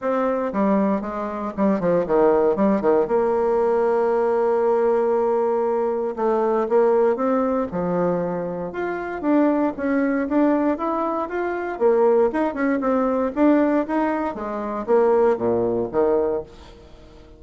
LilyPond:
\new Staff \with { instrumentName = "bassoon" } { \time 4/4 \tempo 4 = 117 c'4 g4 gis4 g8 f8 | dis4 g8 dis8 ais2~ | ais1 | a4 ais4 c'4 f4~ |
f4 f'4 d'4 cis'4 | d'4 e'4 f'4 ais4 | dis'8 cis'8 c'4 d'4 dis'4 | gis4 ais4 ais,4 dis4 | }